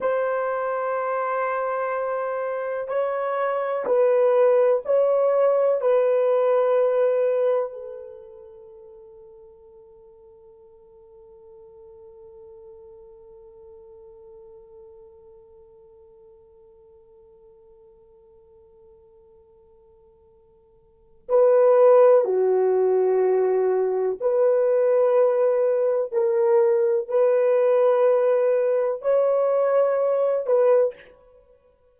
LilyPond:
\new Staff \with { instrumentName = "horn" } { \time 4/4 \tempo 4 = 62 c''2. cis''4 | b'4 cis''4 b'2 | a'1~ | a'1~ |
a'1~ | a'2 b'4 fis'4~ | fis'4 b'2 ais'4 | b'2 cis''4. b'8 | }